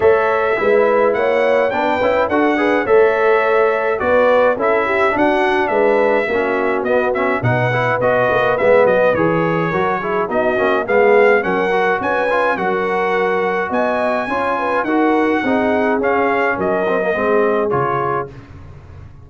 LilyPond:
<<
  \new Staff \with { instrumentName = "trumpet" } { \time 4/4 \tempo 4 = 105 e''2 fis''4 g''4 | fis''4 e''2 d''4 | e''4 fis''4 e''2 | dis''8 e''8 fis''4 dis''4 e''8 dis''8 |
cis''2 dis''4 f''4 | fis''4 gis''4 fis''2 | gis''2 fis''2 | f''4 dis''2 cis''4 | }
  \new Staff \with { instrumentName = "horn" } { \time 4/4 cis''4 b'4 cis''4 b'4 | a'8 b'8 cis''2 b'4 | a'8 g'8 fis'4 b'4 fis'4~ | fis'4 b'2.~ |
b'4 ais'8 gis'8 fis'4 gis'4 | ais'4 b'4 ais'2 | dis''4 cis''8 b'8 ais'4 gis'4~ | gis'4 ais'4 gis'2 | }
  \new Staff \with { instrumentName = "trombone" } { \time 4/4 a'4 e'2 d'8 e'8 | fis'8 gis'8 a'2 fis'4 | e'4 d'2 cis'4 | b8 cis'8 dis'8 e'8 fis'4 b4 |
gis'4 fis'8 e'8 dis'8 cis'8 b4 | cis'8 fis'4 f'8 fis'2~ | fis'4 f'4 fis'4 dis'4 | cis'4. c'16 ais16 c'4 f'4 | }
  \new Staff \with { instrumentName = "tuba" } { \time 4/4 a4 gis4 ais4 b8 cis'8 | d'4 a2 b4 | cis'4 d'4 gis4 ais4 | b4 b,4 b8 ais8 gis8 fis8 |
e4 fis4 b8 ais8 gis4 | fis4 cis'4 fis2 | b4 cis'4 dis'4 c'4 | cis'4 fis4 gis4 cis4 | }
>>